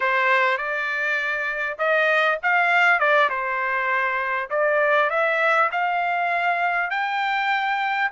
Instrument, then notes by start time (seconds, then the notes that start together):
trumpet
0.00 C5
0.57 D5
1.78 D#5
2.42 F5
2.99 D5
3.29 C5
4.49 D5
5.10 E5
5.71 F5
6.90 G5